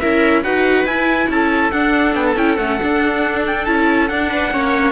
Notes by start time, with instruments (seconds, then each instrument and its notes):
0.00 cello C#4, viola E4 A#4, trumpet E5
0.43 cello D#4, viola F#4 B4, trumpet F#5
0.85 cello E4, viola E4, trumpet G#5
1.29 cello C#4, viola A4, trumpet A5
1.72 cello D4, viola D4, trumpet F#5
2.15 cello B3, trumpet G5
2.27 trumpet A5
2.36 cello C#4, viola E4, trumpet G5
2.57 cello A3, viola C#4, trumpet F#5
2.82 viola D4, cello D4
3.47 trumpet G5
3.66 cello C#4, viola E4, trumpet A5
4.08 viola D4, cello D4, trumpet F#5
4.29 viola B4
4.52 cello A#3, viola C#4 C#5